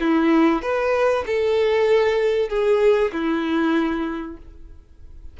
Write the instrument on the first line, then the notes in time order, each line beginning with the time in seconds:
violin
0.00 E4
0.62 B4
1.26 A4
2.49 G#4
3.12 E4